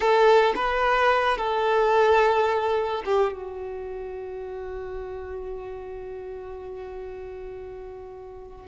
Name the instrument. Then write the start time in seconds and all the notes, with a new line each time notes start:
violin
0.00 A4
0.55 B4
1.37 A4
3.05 G4
3.32 F#4